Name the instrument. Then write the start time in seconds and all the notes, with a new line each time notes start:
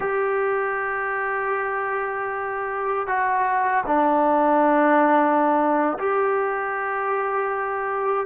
trombone
0.00 G4
3.07 F#4
3.86 D4
5.98 G4